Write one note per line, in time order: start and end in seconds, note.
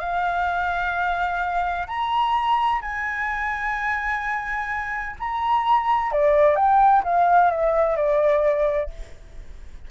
0.00 1.88 F5
1.88 2.82 A#5
2.82 5.16 G#5
5.20 6.12 A#5
6.12 6.56 D5
6.56 7.03 G5
7.04 7.51 F5
7.51 7.97 E5
7.97 8.90 D5